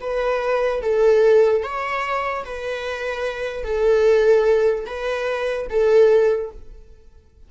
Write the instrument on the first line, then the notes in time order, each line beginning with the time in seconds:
viola
0.00 B4
0.81 A4
1.63 C#5
2.45 B4
3.63 A4
4.86 B4
5.69 A4